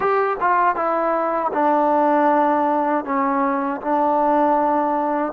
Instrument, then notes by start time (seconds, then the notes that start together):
trombone
0.00 G4
0.40 F4
0.75 E4
1.53 D4
3.04 C#4
3.81 D4